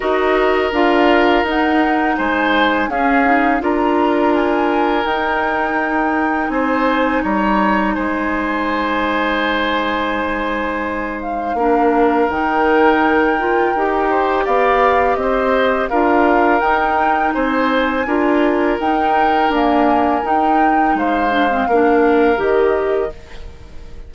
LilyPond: <<
  \new Staff \with { instrumentName = "flute" } { \time 4/4 \tempo 4 = 83 dis''4 f''4 fis''4 gis''4 | f''4 ais''4 gis''4 g''4~ | g''4 gis''4 ais''4 gis''4~ | gis''2.~ gis''8 f''8~ |
f''4 g''2. | f''4 dis''4 f''4 g''4 | gis''2 g''4 gis''4 | g''4 f''2 dis''4 | }
  \new Staff \with { instrumentName = "oboe" } { \time 4/4 ais'2. c''4 | gis'4 ais'2.~ | ais'4 c''4 cis''4 c''4~ | c''1 |
ais'2.~ ais'8 c''8 | d''4 c''4 ais'2 | c''4 ais'2.~ | ais'4 c''4 ais'2 | }
  \new Staff \with { instrumentName = "clarinet" } { \time 4/4 fis'4 f'4 dis'2 | cis'8 dis'8 f'2 dis'4~ | dis'1~ | dis'1 |
d'4 dis'4. f'8 g'4~ | g'2 f'4 dis'4~ | dis'4 f'4 dis'4 ais4 | dis'4. d'16 c'16 d'4 g'4 | }
  \new Staff \with { instrumentName = "bassoon" } { \time 4/4 dis'4 d'4 dis'4 gis4 | cis'4 d'2 dis'4~ | dis'4 c'4 g4 gis4~ | gis1 |
ais4 dis2 dis'4 | b4 c'4 d'4 dis'4 | c'4 d'4 dis'4 d'4 | dis'4 gis4 ais4 dis4 | }
>>